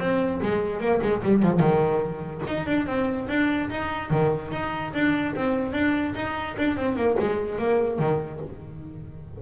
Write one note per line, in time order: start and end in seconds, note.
0.00 0.41 C4
0.42 0.80 G#3
0.80 1.01 A#3
1.02 1.23 G#3
1.23 1.43 G3
1.43 1.60 F3
1.60 2.42 D#3
2.48 2.67 D#4
2.67 2.87 D4
2.87 3.28 C4
3.29 3.70 D4
3.70 4.11 D#4
4.11 4.52 D#3
4.52 4.93 D#4
4.94 5.35 D4
5.36 5.73 C4
5.73 6.14 D4
6.15 6.56 D#4
6.58 6.77 D4
6.77 6.96 C4
6.96 7.17 A#3
7.21 7.59 G#3
7.59 8.00 A#3
8.00 8.41 D#3